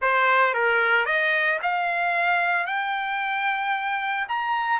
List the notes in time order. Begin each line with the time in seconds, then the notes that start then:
0.01 C5
0.54 A#4
1.05 D#5
1.62 F5
2.66 G5
4.28 A#5